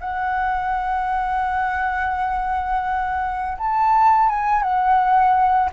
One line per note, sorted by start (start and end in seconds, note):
0.00 3.57 F#5
3.58 4.29 A5
4.29 4.62 G#5
4.62 5.69 F#5